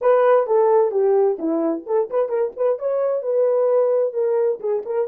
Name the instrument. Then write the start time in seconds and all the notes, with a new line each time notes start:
horn
0.01 B4
0.47 A4
0.91 G4
1.38 E4
1.86 A4
2.10 B4
2.28 A#4
2.56 B4
2.79 C#5
3.22 B4
4.13 A#4
4.59 G#4
4.85 A#4